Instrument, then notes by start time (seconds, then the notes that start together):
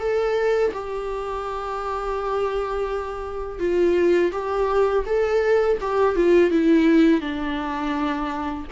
viola
0.00 A4
0.74 G4
3.59 F4
4.32 G4
5.06 A4
5.81 G4
6.16 F4
6.51 E4
7.21 D4